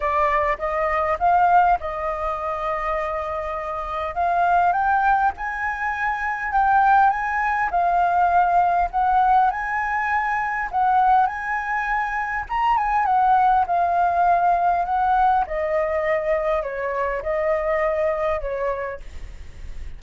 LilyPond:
\new Staff \with { instrumentName = "flute" } { \time 4/4 \tempo 4 = 101 d''4 dis''4 f''4 dis''4~ | dis''2. f''4 | g''4 gis''2 g''4 | gis''4 f''2 fis''4 |
gis''2 fis''4 gis''4~ | gis''4 ais''8 gis''8 fis''4 f''4~ | f''4 fis''4 dis''2 | cis''4 dis''2 cis''4 | }